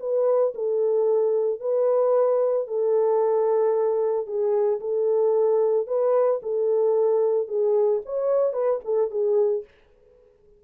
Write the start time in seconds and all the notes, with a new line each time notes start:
0.00 B4
0.55 A4
1.60 B4
2.68 A4
4.27 G#4
4.80 A4
5.87 B4
6.43 A4
7.48 G#4
8.06 C#5
8.53 B4
8.85 A4
9.11 G#4